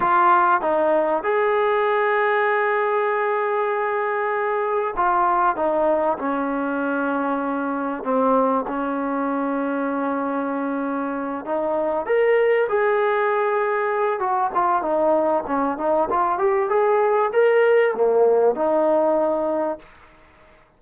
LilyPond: \new Staff \with { instrumentName = "trombone" } { \time 4/4 \tempo 4 = 97 f'4 dis'4 gis'2~ | gis'1 | f'4 dis'4 cis'2~ | cis'4 c'4 cis'2~ |
cis'2~ cis'8 dis'4 ais'8~ | ais'8 gis'2~ gis'8 fis'8 f'8 | dis'4 cis'8 dis'8 f'8 g'8 gis'4 | ais'4 ais4 dis'2 | }